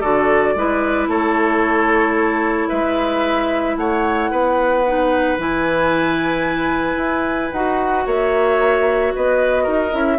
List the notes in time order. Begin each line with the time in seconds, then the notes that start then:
0.00 D3 F#4 A4 D5
0.55 G#3 E4 B4
1.08 A3 A4 C#5
2.69 G#3 B4 E5
3.77 A3 C#5 F#5
4.31 B3 B4
4.87 D#4
5.38 E3 E4 G#5
6.97 E4
7.53 D#4 F#4 F#5
8.06 A#3 C#5 E5
9.15 B3 B4 D#5
9.64 D#4 A#4
9.92 C#4 E4 E5